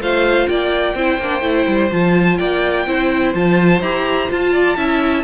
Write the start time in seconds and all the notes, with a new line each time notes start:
0.00 A3 F4 C5 F5
0.48 A#3 D5 G5
0.95 C4 E4 C5
1.19 A#3 D4
1.42 A3 E4
1.68 G3
1.92 F3 F4 A5
2.38 A#3 D5 G5
2.87 C4 E4 C5
3.35 F3 F4 A5
3.81 E4 G4 A#5
4.29 F4 A5
4.53 D5
4.77 C#4 E4 E5